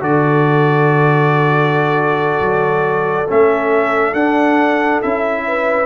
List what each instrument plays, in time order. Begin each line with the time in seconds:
0.00 tuba D3, trombone F#4, horn A4, trumpet D5
2.40 tuba F#3
3.28 tuba A3, trombone C#4, trumpet E5
4.13 tuba D4, trombone D4, trumpet F#5
5.02 tuba C#4, trombone E4, trumpet E5
5.47 horn B4